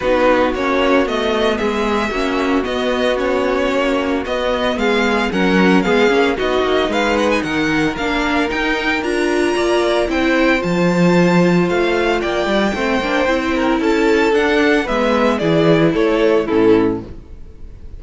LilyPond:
<<
  \new Staff \with { instrumentName = "violin" } { \time 4/4 \tempo 4 = 113 b'4 cis''4 dis''4 e''4~ | e''4 dis''4 cis''2 | dis''4 f''4 fis''4 f''4 | dis''4 f''8 fis''16 gis''16 fis''4 f''4 |
g''4 ais''2 g''4 | a''2 f''4 g''4~ | g''2 a''4 fis''4 | e''4 d''4 cis''4 a'4 | }
  \new Staff \with { instrumentName = "violin" } { \time 4/4 fis'2. gis'4 | fis'1~ | fis'4 gis'4 ais'4 gis'4 | fis'4 b'4 ais'2~ |
ais'2 d''4 c''4~ | c''2. d''4 | c''4. ais'8 a'2 | b'4 gis'4 a'4 e'4 | }
  \new Staff \with { instrumentName = "viola" } { \time 4/4 dis'4 cis'4 b2 | cis'4 b4 cis'2 | b2 cis'4 b8 cis'8 | dis'2. d'4 |
dis'4 f'2 e'4 | f'1 | c'8 d'8 e'2 d'4 | b4 e'2 cis'4 | }
  \new Staff \with { instrumentName = "cello" } { \time 4/4 b4 ais4 a4 gis4 | ais4 b2 ais4 | b4 gis4 fis4 gis8 ais8 | b8 ais8 gis4 dis4 ais4 |
dis'4 d'4 ais4 c'4 | f2 a4 ais8 g8 | a8 ais8 c'4 cis'4 d'4 | gis4 e4 a4 a,4 | }
>>